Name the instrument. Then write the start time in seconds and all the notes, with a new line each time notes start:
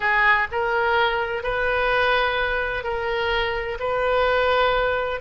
oboe
0.00 G#4
0.51 A#4
1.43 B4
2.83 A#4
3.79 B4